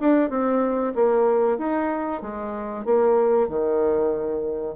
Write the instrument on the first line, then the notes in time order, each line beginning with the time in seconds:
bassoon
0.00 D4
0.30 C4
0.95 A#3
1.58 D#4
2.22 G#3
2.85 A#3
3.49 D#3